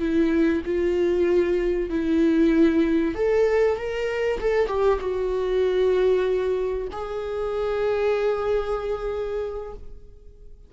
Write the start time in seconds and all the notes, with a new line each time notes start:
0.00 E4
0.66 F4
1.90 E4
3.15 A4
3.77 A#4
4.40 A4
4.68 G4
5.00 F#4
6.93 G#4